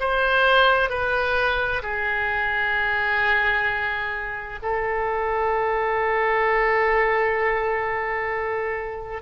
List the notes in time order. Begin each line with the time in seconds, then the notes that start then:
0.00 C5
0.89 B4
1.82 G#4
4.62 A4